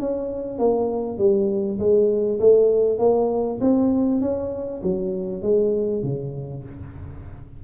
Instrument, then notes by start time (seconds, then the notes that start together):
tuba
0.00 C#4
0.59 A#3
1.18 G3
1.79 G#3
2.40 A3
2.99 A#3
3.61 C4
4.21 C#4
4.83 F#3
5.42 G#3
6.03 C#3